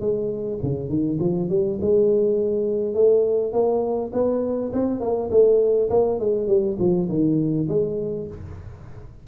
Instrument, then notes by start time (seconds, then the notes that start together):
tuba
0.00 G#3
0.62 C#3
0.89 D#3
1.20 F3
1.49 G3
1.81 G#3
2.94 A3
3.52 A#3
4.13 B3
4.72 C4
5.00 A#3
5.30 A3
5.90 A#3
6.19 G#3
6.47 G3
6.79 F3
7.09 D#3
7.68 G#3